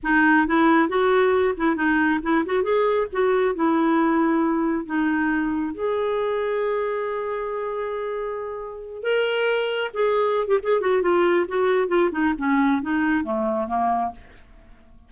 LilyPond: \new Staff \with { instrumentName = "clarinet" } { \time 4/4 \tempo 4 = 136 dis'4 e'4 fis'4. e'8 | dis'4 e'8 fis'8 gis'4 fis'4 | e'2. dis'4~ | dis'4 gis'2.~ |
gis'1~ | gis'8 ais'2 gis'4~ gis'16 g'16 | gis'8 fis'8 f'4 fis'4 f'8 dis'8 | cis'4 dis'4 a4 ais4 | }